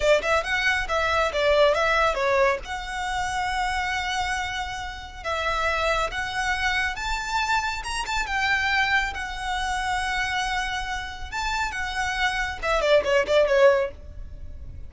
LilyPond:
\new Staff \with { instrumentName = "violin" } { \time 4/4 \tempo 4 = 138 d''8 e''8 fis''4 e''4 d''4 | e''4 cis''4 fis''2~ | fis''1 | e''2 fis''2 |
a''2 ais''8 a''8 g''4~ | g''4 fis''2.~ | fis''2 a''4 fis''4~ | fis''4 e''8 d''8 cis''8 d''8 cis''4 | }